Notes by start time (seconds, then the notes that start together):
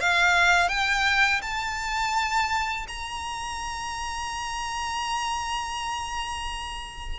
0.00 F5
0.68 G5
1.42 A5
2.88 A#5